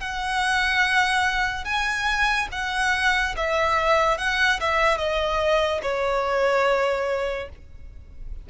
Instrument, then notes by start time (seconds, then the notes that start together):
violin
0.00 F#5
1.64 G#5
2.52 F#5
3.36 E5
4.18 F#5
4.60 E5
4.98 D#5
5.82 C#5